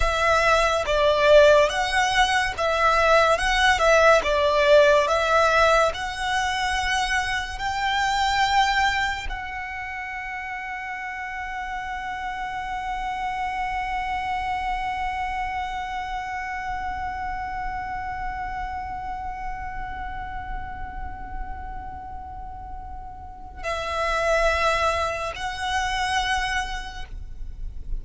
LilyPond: \new Staff \with { instrumentName = "violin" } { \time 4/4 \tempo 4 = 71 e''4 d''4 fis''4 e''4 | fis''8 e''8 d''4 e''4 fis''4~ | fis''4 g''2 fis''4~ | fis''1~ |
fis''1~ | fis''1~ | fis''1 | e''2 fis''2 | }